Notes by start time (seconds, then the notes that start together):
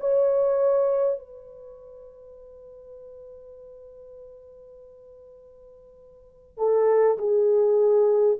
0.00 C#5
1.19 B4
6.57 A4
7.18 G#4